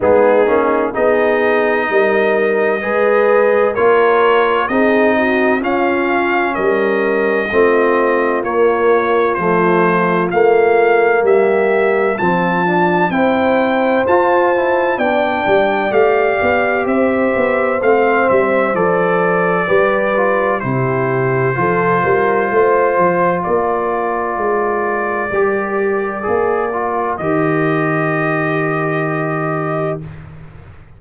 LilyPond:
<<
  \new Staff \with { instrumentName = "trumpet" } { \time 4/4 \tempo 4 = 64 gis'4 dis''2. | cis''4 dis''4 f''4 dis''4~ | dis''4 cis''4 c''4 f''4 | e''4 a''4 g''4 a''4 |
g''4 f''4 e''4 f''8 e''8 | d''2 c''2~ | c''4 d''2.~ | d''4 dis''2. | }
  \new Staff \with { instrumentName = "horn" } { \time 4/4 dis'4 gis'4 ais'4 b'4 | ais'4 gis'8 fis'8 f'4 ais'4 | f'1 | g'4 f'4 c''2 |
d''2 c''2~ | c''4 b'4 g'4 a'8 ais'8 | c''4 ais'2.~ | ais'1 | }
  \new Staff \with { instrumentName = "trombone" } { \time 4/4 b8 cis'8 dis'2 gis'4 | f'4 dis'4 cis'2 | c'4 ais4 a4 ais4~ | ais4 c'8 d'8 e'4 f'8 e'8 |
d'4 g'2 c'4 | a'4 g'8 f'8 e'4 f'4~ | f'2. g'4 | gis'8 f'8 g'2. | }
  \new Staff \with { instrumentName = "tuba" } { \time 4/4 gis8 ais8 b4 g4 gis4 | ais4 c'4 cis'4 g4 | a4 ais4 f4 a4 | g4 f4 c'4 f'4 |
b8 g8 a8 b8 c'8 b8 a8 g8 | f4 g4 c4 f8 g8 | a8 f8 ais4 gis4 g4 | ais4 dis2. | }
>>